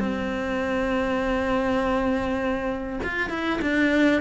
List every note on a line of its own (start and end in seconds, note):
0.00 3.00 C4
3.04 3.30 F4
3.30 3.60 E4
3.62 4.22 D4